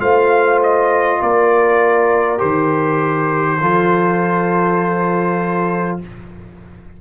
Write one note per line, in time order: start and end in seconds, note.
0.00 1.20 A3
0.00 2.39 F4
0.00 1.21 C5
0.00 0.60 F5
0.63 1.22 D#5
1.21 2.42 A#3
1.21 3.61 A#4
1.21 2.40 D5
2.39 3.61 D#3
2.39 3.58 G4
2.39 6.00 C5
3.61 6.01 F3
3.61 6.01 F4
3.61 6.01 A4